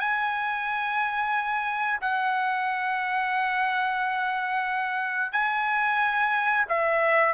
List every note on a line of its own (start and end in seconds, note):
0.00 2.00 G#5
2.01 5.32 F#5
5.32 6.66 G#5
6.69 7.34 E5